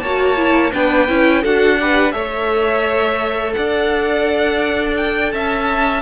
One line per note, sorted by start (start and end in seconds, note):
0.00 0.73 A#3
0.00 0.37 F#4
0.00 0.72 C#5
0.00 0.71 A5
0.37 0.72 E4
0.72 1.09 B3
0.72 1.08 D4
0.72 1.42 B4
0.72 1.44 G5
1.08 1.44 C#4
1.08 1.44 E4
1.42 2.14 D4
1.42 1.79 F#4
1.42 1.78 A4
1.42 2.12 F#5
1.80 2.13 G4
1.80 2.14 B4
2.12 3.55 A3
2.12 6.01 A4
2.12 3.55 C#5
2.12 3.53 E5
3.54 5.33 D4
3.54 5.33 D5
3.54 4.95 F#5
4.97 5.32 G5
5.32 6.02 C#4
5.32 6.02 E5
5.32 6.02 A5